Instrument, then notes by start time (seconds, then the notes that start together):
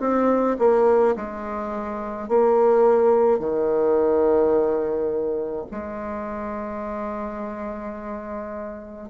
bassoon
0.00 C4
0.59 A#3
1.16 G#3
2.29 A#3
3.40 D#3
5.71 G#3